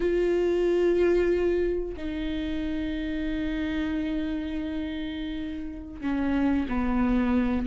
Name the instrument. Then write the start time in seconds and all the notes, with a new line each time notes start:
viola
0.00 F4
1.97 D#4
6.01 C#4
6.68 B3